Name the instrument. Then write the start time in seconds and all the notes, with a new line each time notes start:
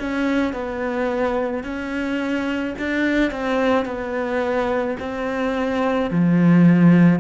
cello
0.00 C#4
0.54 B3
1.64 C#4
2.79 D4
3.32 C4
3.86 B3
5.00 C4
6.11 F3